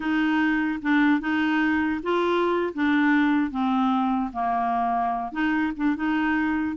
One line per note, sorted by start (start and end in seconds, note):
0.00 0.79 D#4
0.82 1.20 D4
1.20 2.01 D#4
2.02 2.73 F4
2.74 3.50 D4
3.50 4.31 C4
4.32 5.32 A#3
5.32 5.72 D#4
5.76 5.96 D4
5.96 6.76 D#4